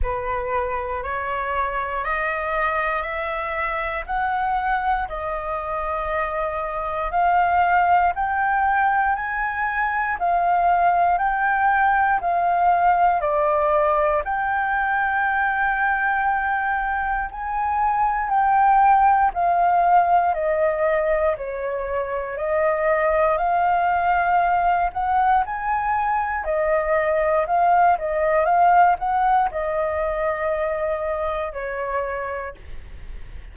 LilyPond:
\new Staff \with { instrumentName = "flute" } { \time 4/4 \tempo 4 = 59 b'4 cis''4 dis''4 e''4 | fis''4 dis''2 f''4 | g''4 gis''4 f''4 g''4 | f''4 d''4 g''2~ |
g''4 gis''4 g''4 f''4 | dis''4 cis''4 dis''4 f''4~ | f''8 fis''8 gis''4 dis''4 f''8 dis''8 | f''8 fis''8 dis''2 cis''4 | }